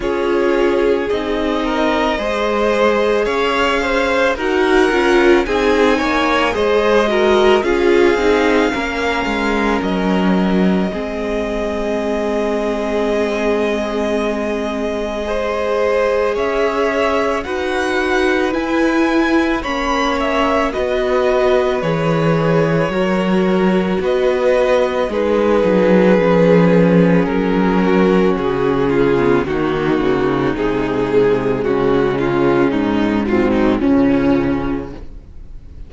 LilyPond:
<<
  \new Staff \with { instrumentName = "violin" } { \time 4/4 \tempo 4 = 55 cis''4 dis''2 f''4 | fis''4 gis''4 dis''4 f''4~ | f''4 dis''2.~ | dis''2. e''4 |
fis''4 gis''4 b''8 e''8 dis''4 | cis''2 dis''4 b'4~ | b'4 ais'4 gis'4 fis'4 | gis'4 fis'8 f'8 dis'8 f'16 dis'16 cis'4 | }
  \new Staff \with { instrumentName = "violin" } { \time 4/4 gis'4. ais'8 c''4 cis''8 c''8 | ais'4 gis'8 cis''8 c''8 ais'8 gis'4 | ais'2 gis'2~ | gis'2 c''4 cis''4 |
b'2 cis''4 b'4~ | b'4 ais'4 b'4 gis'4~ | gis'4. fis'4 f'8 dis'4~ | dis'4 cis'4. c'8 cis'4 | }
  \new Staff \with { instrumentName = "viola" } { \time 4/4 f'4 dis'4 gis'2 | fis'8 f'8 dis'4 gis'8 fis'8 f'8 dis'8 | cis'2 c'2~ | c'2 gis'2 |
fis'4 e'4 cis'4 fis'4 | gis'4 fis'2 dis'4 | cis'2~ cis'8. b16 ais4 | gis2~ gis8 fis8 f4 | }
  \new Staff \with { instrumentName = "cello" } { \time 4/4 cis'4 c'4 gis4 cis'4 | dis'8 cis'8 c'8 ais8 gis4 cis'8 c'8 | ais8 gis8 fis4 gis2~ | gis2. cis'4 |
dis'4 e'4 ais4 b4 | e4 fis4 b4 gis8 fis8 | f4 fis4 cis4 dis8 cis8 | c4 cis4 gis,4 cis4 | }
>>